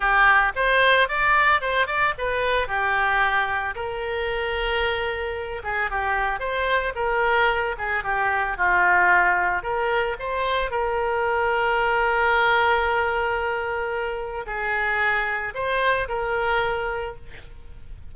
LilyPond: \new Staff \with { instrumentName = "oboe" } { \time 4/4 \tempo 4 = 112 g'4 c''4 d''4 c''8 d''8 | b'4 g'2 ais'4~ | ais'2~ ais'8 gis'8 g'4 | c''4 ais'4. gis'8 g'4 |
f'2 ais'4 c''4 | ais'1~ | ais'2. gis'4~ | gis'4 c''4 ais'2 | }